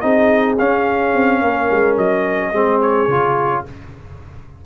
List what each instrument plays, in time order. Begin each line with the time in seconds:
0.00 tuba C4, trombone D#4, horn G#4, trumpet D#5
0.58 tuba C#4, trombone C#4, trumpet F5
1.14 tuba C4
1.41 tuba A#3, horn A#4
1.71 tuba G#3
1.97 tuba F#3, trumpet D#5
2.51 tuba G#3, trombone C4, horn G#4
2.81 trumpet C#5
3.07 tuba C#3, trombone F4